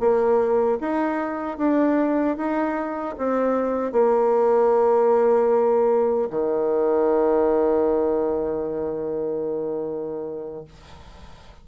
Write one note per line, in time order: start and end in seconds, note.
0.00 0.79 A#3
0.81 1.58 D#4
1.58 2.37 D4
2.37 3.16 D#4
3.18 3.92 C4
3.92 6.29 A#3
6.31 10.65 D#3